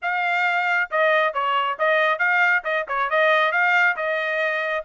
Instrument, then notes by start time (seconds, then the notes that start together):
trumpet
0.02 F5
0.90 D#5
1.33 C#5
1.78 D#5
2.19 F5
2.64 D#5
2.88 C#5
3.10 D#5
3.52 F5
3.96 D#5